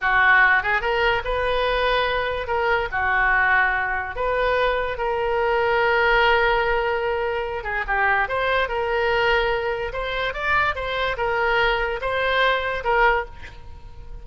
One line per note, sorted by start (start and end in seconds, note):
0.01 0.62 F#4
0.62 0.81 G#4
0.81 1.22 A#4
1.24 2.47 B4
2.47 2.88 A#4
2.91 4.15 F#4
4.15 4.97 B4
4.97 7.63 A#4
7.63 7.84 G#4
7.87 8.28 G4
8.28 8.68 C5
8.68 9.92 A#4
9.92 10.33 C5
10.33 10.75 D5
10.75 11.16 C5
11.17 11.99 A#4
12.01 12.83 C5
12.84 13.25 A#4